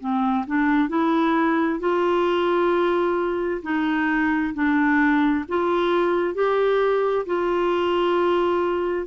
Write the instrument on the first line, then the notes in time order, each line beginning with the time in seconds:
clarinet
0.00 C4
0.47 D4
0.89 E4
1.80 F4
3.63 D#4
4.54 D4
5.49 F4
6.35 G4
7.26 F4